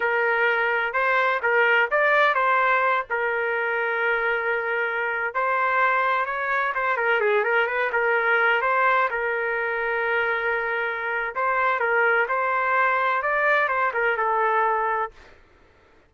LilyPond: \new Staff \with { instrumentName = "trumpet" } { \time 4/4 \tempo 4 = 127 ais'2 c''4 ais'4 | d''4 c''4. ais'4.~ | ais'2.~ ais'16 c''8.~ | c''4~ c''16 cis''4 c''8 ais'8 gis'8 ais'16~ |
ais'16 b'8 ais'4. c''4 ais'8.~ | ais'1 | c''4 ais'4 c''2 | d''4 c''8 ais'8 a'2 | }